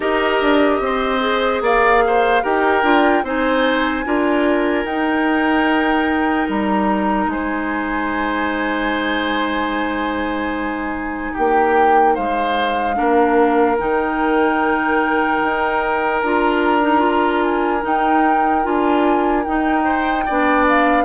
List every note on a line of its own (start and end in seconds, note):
0.00 0.40 D#4
0.00 1.20 G4
0.00 0.81 A#4
0.00 1.62 D#5
0.41 0.80 D4
0.80 1.61 C4
0.80 1.62 C5
1.20 2.41 G#4
1.61 2.42 A#3
1.61 2.03 D5
1.61 2.44 F5
2.06 2.42 C5
2.42 2.83 D#4
2.42 2.83 G4
2.42 3.23 A#4
2.42 3.25 G5
2.83 3.23 D4
2.83 3.23 F4
3.23 4.04 C4
3.23 4.04 D#4
3.23 4.05 C5
3.23 4.85 G#5
4.04 4.84 D4
4.04 4.85 F4
4.04 7.30 A#4
4.84 6.47 D#4
4.84 12.95 D#4
4.84 6.47 G5
6.48 7.26 G3
6.48 7.30 A#5
7.26 11.32 G#3
7.26 11.32 C5
7.26 11.35 G#5
11.32 12.17 A#3
11.32 12.14 G4
11.32 12.15 G5
12.14 12.98 G#3
12.14 12.95 C5
12.14 13.77 F5
12.95 13.79 A#3
12.95 13.76 D4
12.95 19.83 A#4
13.78 15.42 D#3
13.78 16.21 D#4
13.78 16.21 G5
15.42 16.22 D#4
16.21 17.84 D4
16.21 16.81 F4
16.21 17.42 A#5
16.81 16.98 D#4
16.98 17.80 F4
17.42 17.83 G#5
17.81 18.62 D#4
17.81 18.65 D#4
17.81 18.65 G5
18.62 19.45 D4
18.62 19.43 F4
18.62 19.44 G#5
19.44 20.27 D#4
19.44 20.28 D#4
19.44 20.65 G5
19.83 20.24 C5
20.25 21.04 B3
20.25 21.04 D4
20.25 21.04 D5
20.68 21.04 F5